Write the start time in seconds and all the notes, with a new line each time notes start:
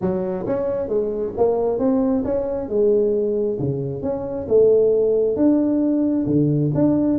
0.01 F#3
0.46 C#4
0.88 G#3
1.37 A#3
1.78 C4
2.24 C#4
2.68 G#3
3.59 C#3
4.02 C#4
4.48 A3
5.36 D4
6.26 D3
6.74 D4